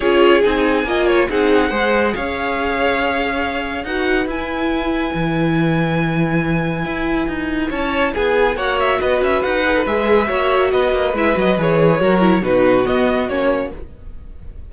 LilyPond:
<<
  \new Staff \with { instrumentName = "violin" } { \time 4/4 \tempo 4 = 140 cis''4 gis''2 fis''4~ | fis''4 f''2.~ | f''4 fis''4 gis''2~ | gis''1~ |
gis''2 a''4 gis''4 | fis''8 e''8 dis''8 e''8 fis''4 e''4~ | e''4 dis''4 e''8 dis''8 cis''4~ | cis''4 b'4 dis''4 cis''4 | }
  \new Staff \with { instrumentName = "violin" } { \time 4/4 gis'2 dis''8 cis''8 gis'4 | c''4 cis''2.~ | cis''4 b'2.~ | b'1~ |
b'2 cis''4 gis'4 | cis''4 b'2. | cis''4 b'2. | ais'4 fis'2. | }
  \new Staff \with { instrumentName = "viola" } { \time 4/4 f'4 dis'4 f'4 dis'4 | gis'1~ | gis'4 fis'4 e'2~ | e'1~ |
e'1 | fis'2~ fis'8 gis'16 a'16 gis'4 | fis'2 e'8 fis'8 gis'4 | fis'8 e'8 dis'4 b4 cis'4 | }
  \new Staff \with { instrumentName = "cello" } { \time 4/4 cis'4 c'4 ais4 c'4 | gis4 cis'2.~ | cis'4 dis'4 e'2 | e1 |
e'4 dis'4 cis'4 b4 | ais4 b8 cis'8 dis'4 gis4 | ais4 b8 ais8 gis8 fis8 e4 | fis4 b,4 b4 ais4 | }
>>